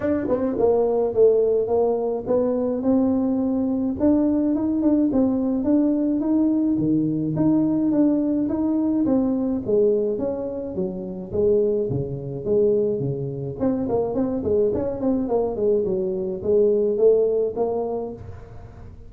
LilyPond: \new Staff \with { instrumentName = "tuba" } { \time 4/4 \tempo 4 = 106 d'8 c'8 ais4 a4 ais4 | b4 c'2 d'4 | dis'8 d'8 c'4 d'4 dis'4 | dis4 dis'4 d'4 dis'4 |
c'4 gis4 cis'4 fis4 | gis4 cis4 gis4 cis4 | c'8 ais8 c'8 gis8 cis'8 c'8 ais8 gis8 | fis4 gis4 a4 ais4 | }